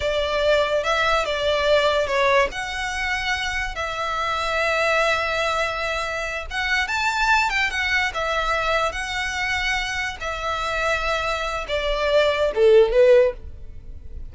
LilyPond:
\new Staff \with { instrumentName = "violin" } { \time 4/4 \tempo 4 = 144 d''2 e''4 d''4~ | d''4 cis''4 fis''2~ | fis''4 e''2.~ | e''2.~ e''8 fis''8~ |
fis''8 a''4. g''8 fis''4 e''8~ | e''4. fis''2~ fis''8~ | fis''8 e''2.~ e''8 | d''2 a'4 b'4 | }